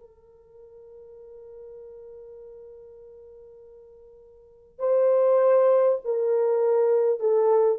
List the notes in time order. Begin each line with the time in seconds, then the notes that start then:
0.00 A#4
4.79 C5
6.05 A#4
7.20 A4